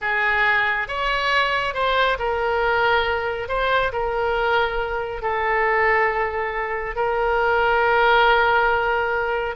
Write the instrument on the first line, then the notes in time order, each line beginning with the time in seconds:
oboe
0.01 G#4
0.88 C#5
1.74 C5
2.19 A#4
3.48 C5
3.92 A#4
5.22 A4
6.95 A#4